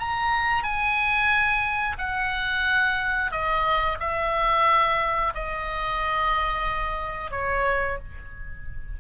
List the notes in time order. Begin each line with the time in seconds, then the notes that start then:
0.00 A#5
0.64 G#5
1.98 F#5
3.32 D#5
4.00 E5
5.35 D#5
7.32 C#5